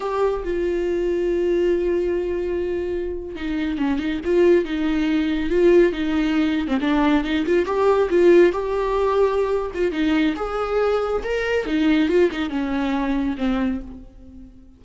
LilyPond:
\new Staff \with { instrumentName = "viola" } { \time 4/4 \tempo 4 = 139 g'4 f'2.~ | f'2.~ f'8. dis'16~ | dis'8. cis'8 dis'8 f'4 dis'4~ dis'16~ | dis'8. f'4 dis'4.~ dis'16 c'16 d'16~ |
d'8. dis'8 f'8 g'4 f'4 g'16~ | g'2~ g'8 f'8 dis'4 | gis'2 ais'4 dis'4 | f'8 dis'8 cis'2 c'4 | }